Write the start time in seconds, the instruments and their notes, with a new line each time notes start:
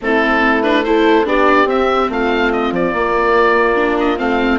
0.01 bassoon A3, viola C4, horn E4, oboe A4
0.63 viola D4, oboe B4
0.84 viola E4, horn A4, oboe C5
1.24 bassoon B3, viola D4, horn G4, oboe D5
1.65 bassoon C4, viola C4, oboe E5
2.09 bassoon A3, horn F4, oboe F5
2.52 oboe D#5
2.71 bassoon F3, oboe D5
2.93 bassoon A#3, viola A#3
3.75 viola D4
3.98 oboe D#5
4.17 bassoon A3, viola C4, oboe F5